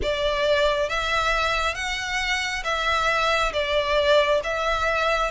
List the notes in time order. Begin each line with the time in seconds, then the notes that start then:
0.02 D5
0.89 E5
1.74 F#5
2.64 E5
3.52 D5
4.44 E5